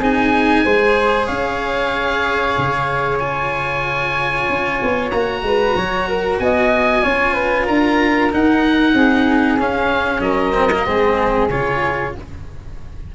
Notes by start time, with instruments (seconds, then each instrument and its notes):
0.00 tuba C4, cello D#4, flute G#4, oboe G#5
0.65 tuba G#3, cello G#4, flute C5
1.27 tuba C#4, flute C#5, oboe F5
2.58 tuba C#3
3.19 cello F4, oboe G#5
4.49 tuba C#4
4.83 tuba B3
5.11 tuba A#3, cello F#4, oboe A#5
5.43 tuba G#3, flute B4
5.76 tuba F#3, flute C#5
6.09 flute A#4
6.40 tuba B3, flute D#5, oboe G#5
7.03 tuba C#4, cello F4, flute C#5
7.34 flute B4
7.65 tuba D4, flute A#4, oboe A#5
8.31 cello D#4, tuba D#4, oboe F#5
8.94 tuba C4, flute G#4
9.58 tuba C#4, cello C#4, oboe F5
10.21 tuba F#3, flute A#4, oboe D#5
10.54 cello C4
10.72 cello A#3
10.86 tuba G#3, cello C4, flute G#4
11.49 tuba C#3, cello F4, oboe C#5